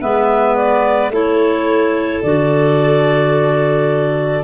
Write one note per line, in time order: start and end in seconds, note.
0.00 1.09 G#3
0.00 1.11 B3
0.00 1.12 B4
0.00 0.56 E5
0.56 1.11 D5
1.09 2.20 A3
1.09 2.23 E4
1.09 4.44 A4
1.15 2.23 C#5
2.23 4.44 D3
2.23 4.44 F#4
2.23 4.44 D5